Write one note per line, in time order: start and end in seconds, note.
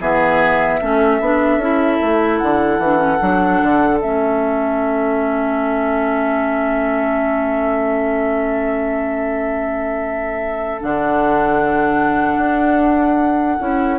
0.00 0.80 E3
0.00 0.81 B3
0.00 0.81 G#4
0.00 2.38 E5
0.81 1.21 A3
0.81 1.21 C#4
0.81 13.99 A4
1.21 1.58 B3
1.21 1.62 D4
1.58 1.98 C#4
1.58 2.82 E4
2.01 2.41 A3
2.38 2.79 D3
2.38 3.98 F#5
2.79 3.19 E3
2.79 2.97 D4
2.97 3.17 C#4
3.21 3.62 F#3
3.21 4.01 D4
3.63 4.02 D3
4.01 10.82 A3
4.01 10.80 C#4
4.01 10.81 E5
10.80 12.38 D3
10.80 13.60 D4
10.80 13.99 F#5
12.38 13.58 D4
13.60 13.99 C#4
13.60 13.99 E4